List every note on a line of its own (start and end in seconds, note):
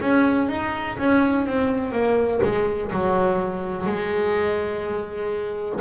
0.00 0.48 C#4
0.48 0.97 D#4
0.98 1.46 C#4
1.46 1.92 C4
1.92 2.40 A#3
2.42 2.91 G#3
2.91 3.86 F#3
3.86 5.80 G#3